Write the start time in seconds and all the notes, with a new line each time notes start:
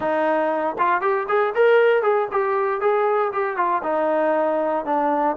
0.00 D#4
0.78 F4
1.01 G4
1.28 G#4
1.54 A#4
2.02 G#4
2.31 G4
2.80 G#4
3.32 G4
3.56 F4
3.83 D#4
4.85 D4